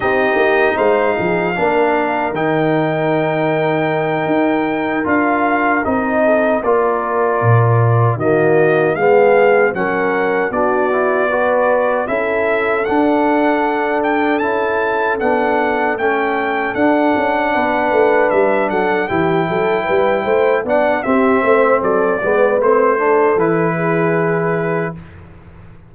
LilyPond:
<<
  \new Staff \with { instrumentName = "trumpet" } { \time 4/4 \tempo 4 = 77 dis''4 f''2 g''4~ | g''2~ g''8 f''4 dis''8~ | dis''8 d''2 dis''4 f''8~ | f''8 fis''4 d''2 e''8~ |
e''8 fis''4. g''8 a''4 fis''8~ | fis''8 g''4 fis''2 e''8 | fis''8 g''2 fis''8 e''4 | d''4 c''4 b'2 | }
  \new Staff \with { instrumentName = "horn" } { \time 4/4 g'4 c''8 gis'8 ais'2~ | ais'1 | a'8 ais'2 fis'4 gis'8~ | gis'8 ais'4 fis'4 b'4 a'8~ |
a'1~ | a'2~ a'8 b'4. | a'8 g'8 a'8 b'8 c''8 d''8 g'8 c''8 | a'8 b'4 a'4 gis'4. | }
  \new Staff \with { instrumentName = "trombone" } { \time 4/4 dis'2 d'4 dis'4~ | dis'2~ dis'8 f'4 dis'8~ | dis'8 f'2 ais4 b8~ | b8 cis'4 d'8 e'8 fis'4 e'8~ |
e'8 d'2 e'4 d'8~ | d'8 cis'4 d'2~ d'8~ | d'8 e'2 d'8 c'4~ | c'8 b8 c'8 d'8 e'2 | }
  \new Staff \with { instrumentName = "tuba" } { \time 4/4 c'8 ais8 gis8 f8 ais4 dis4~ | dis4. dis'4 d'4 c'8~ | c'8 ais4 ais,4 dis4 gis8~ | gis8 fis4 b2 cis'8~ |
cis'8 d'2 cis'4 b8~ | b8 a4 d'8 cis'8 b8 a8 g8 | fis8 e8 fis8 g8 a8 b8 c'8 a8 | fis8 gis8 a4 e2 | }
>>